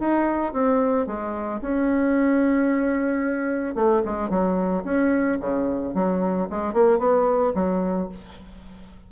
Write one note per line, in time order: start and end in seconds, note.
0.00 0.53 D#4
0.53 1.07 C4
1.07 1.61 G#3
1.62 3.75 C#4
3.75 4.02 A3
4.05 4.30 G#3
4.30 4.84 F#3
4.85 5.39 C#4
5.41 5.95 C#3
5.95 6.49 F#3
6.50 6.74 G#3
6.74 6.99 A#3
6.99 7.53 B3
7.55 8.09 F#3